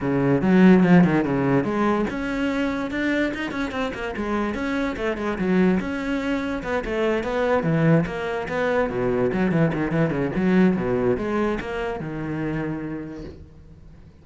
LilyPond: \new Staff \with { instrumentName = "cello" } { \time 4/4 \tempo 4 = 145 cis4 fis4 f8 dis8 cis4 | gis4 cis'2 d'4 | dis'8 cis'8 c'8 ais8 gis4 cis'4 | a8 gis8 fis4 cis'2 |
b8 a4 b4 e4 ais8~ | ais8 b4 b,4 fis8 e8 dis8 | e8 cis8 fis4 b,4 gis4 | ais4 dis2. | }